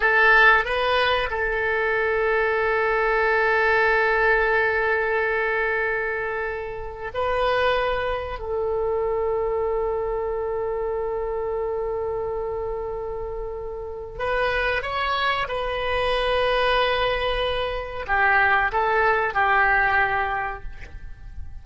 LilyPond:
\new Staff \with { instrumentName = "oboe" } { \time 4/4 \tempo 4 = 93 a'4 b'4 a'2~ | a'1~ | a'2. b'4~ | b'4 a'2.~ |
a'1~ | a'2 b'4 cis''4 | b'1 | g'4 a'4 g'2 | }